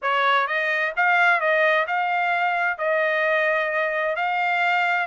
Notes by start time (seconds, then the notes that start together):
0.02 C#5
0.47 D#5
0.96 F5
1.40 D#5
1.87 F5
2.77 D#5
4.16 F5